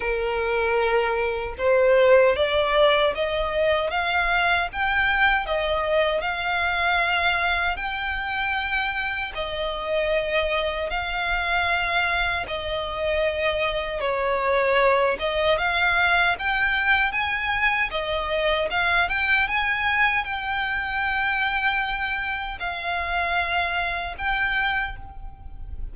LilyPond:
\new Staff \with { instrumentName = "violin" } { \time 4/4 \tempo 4 = 77 ais'2 c''4 d''4 | dis''4 f''4 g''4 dis''4 | f''2 g''2 | dis''2 f''2 |
dis''2 cis''4. dis''8 | f''4 g''4 gis''4 dis''4 | f''8 g''8 gis''4 g''2~ | g''4 f''2 g''4 | }